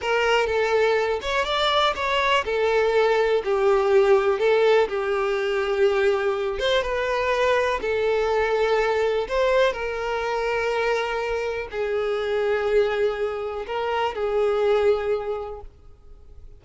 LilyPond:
\new Staff \with { instrumentName = "violin" } { \time 4/4 \tempo 4 = 123 ais'4 a'4. cis''8 d''4 | cis''4 a'2 g'4~ | g'4 a'4 g'2~ | g'4. c''8 b'2 |
a'2. c''4 | ais'1 | gis'1 | ais'4 gis'2. | }